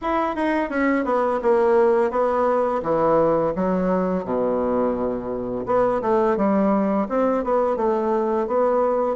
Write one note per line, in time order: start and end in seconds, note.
0.01 0.35 E4
0.35 0.69 D#4
0.69 1.04 C#4
1.04 1.40 B3
1.42 2.10 A#3
2.10 2.81 B3
2.82 3.53 E3
3.55 4.24 F#3
4.24 5.65 B2
5.66 6.01 B3
6.01 6.37 A3
6.37 7.07 G3
7.08 7.43 C4
7.44 7.76 B3
7.76 8.47 A3
8.47 9.16 B3